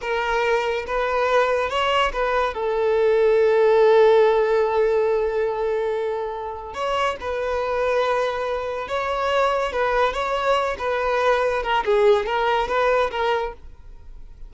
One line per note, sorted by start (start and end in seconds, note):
0.01 0.85 A#4
0.86 1.69 B4
1.69 2.11 C#5
2.12 2.54 B4
2.54 6.74 A4
6.74 7.16 C#5
7.20 8.88 B4
8.88 9.72 C#5
9.72 10.13 B4
10.13 10.76 C#5
10.78 11.62 B4
11.62 11.83 A#4
11.84 12.26 G#4
12.26 12.68 A#4
12.68 13.10 B4
13.11 13.53 A#4